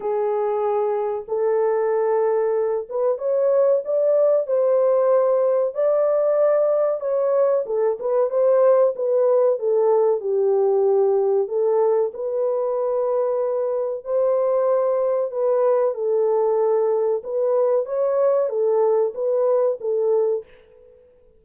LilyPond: \new Staff \with { instrumentName = "horn" } { \time 4/4 \tempo 4 = 94 gis'2 a'2~ | a'8 b'8 cis''4 d''4 c''4~ | c''4 d''2 cis''4 | a'8 b'8 c''4 b'4 a'4 |
g'2 a'4 b'4~ | b'2 c''2 | b'4 a'2 b'4 | cis''4 a'4 b'4 a'4 | }